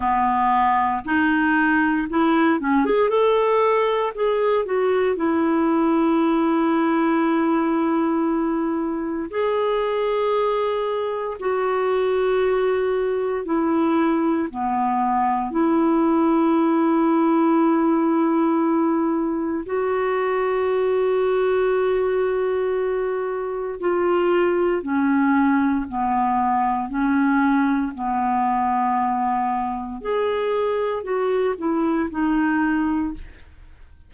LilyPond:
\new Staff \with { instrumentName = "clarinet" } { \time 4/4 \tempo 4 = 58 b4 dis'4 e'8 cis'16 gis'16 a'4 | gis'8 fis'8 e'2.~ | e'4 gis'2 fis'4~ | fis'4 e'4 b4 e'4~ |
e'2. fis'4~ | fis'2. f'4 | cis'4 b4 cis'4 b4~ | b4 gis'4 fis'8 e'8 dis'4 | }